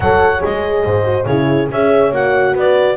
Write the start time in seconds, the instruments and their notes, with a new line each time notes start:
0.00 double bass F#3, horn A4 C#5, clarinet F#5
0.39 horn G#4, clarinet D#5
0.45 double bass G#3
0.84 double bass G#2, horn C5
1.03 horn F#4
1.25 double bass C#3, horn E4 G#4, clarinet C#5
1.71 double bass C#4, horn G#4 C#5, clarinet E5
2.11 double bass A#3, horn F#4, clarinet F#5
2.53 double bass B3, horn B4, clarinet D5